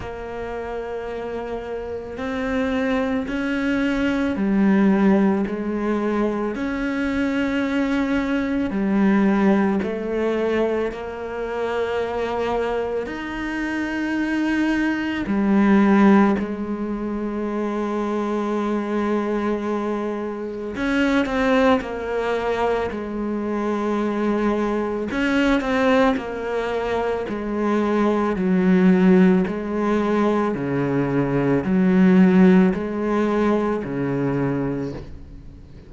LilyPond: \new Staff \with { instrumentName = "cello" } { \time 4/4 \tempo 4 = 55 ais2 c'4 cis'4 | g4 gis4 cis'2 | g4 a4 ais2 | dis'2 g4 gis4~ |
gis2. cis'8 c'8 | ais4 gis2 cis'8 c'8 | ais4 gis4 fis4 gis4 | cis4 fis4 gis4 cis4 | }